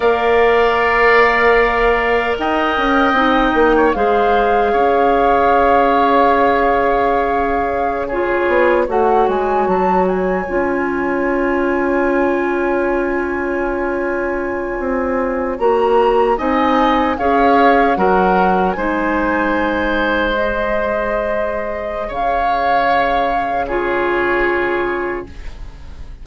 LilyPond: <<
  \new Staff \with { instrumentName = "flute" } { \time 4/4 \tempo 4 = 76 f''2. g''4~ | g''4 f''2.~ | f''2~ f''16 cis''4 fis''8 gis''16~ | gis''16 a''8 gis''2.~ gis''16~ |
gis''2.~ gis''8. ais''16~ | ais''8. gis''4 f''4 fis''4 gis''16~ | gis''4.~ gis''16 dis''2~ dis''16 | f''2 cis''2 | }
  \new Staff \with { instrumentName = "oboe" } { \time 4/4 d''2. dis''4~ | dis''8. cis''16 c''4 cis''2~ | cis''2~ cis''16 gis'4 cis''8.~ | cis''1~ |
cis''1~ | cis''8. dis''4 cis''4 ais'4 c''16~ | c''1 | cis''2 gis'2 | }
  \new Staff \with { instrumentName = "clarinet" } { \time 4/4 ais'1 | dis'4 gis'2.~ | gis'2~ gis'16 f'4 fis'8.~ | fis'4~ fis'16 f'2~ f'8.~ |
f'2.~ f'8. fis'16~ | fis'8. dis'4 gis'4 fis'4 dis'16~ | dis'4.~ dis'16 gis'2~ gis'16~ | gis'2 f'2 | }
  \new Staff \with { instrumentName = "bassoon" } { \time 4/4 ais2. dis'8 cis'8 | c'8 ais8 gis4 cis'2~ | cis'2~ cis'8. b8 a8 gis16~ | gis16 fis4 cis'2~ cis'8.~ |
cis'2~ cis'8. c'4 ais16~ | ais8. c'4 cis'4 fis4 gis16~ | gis1 | cis1 | }
>>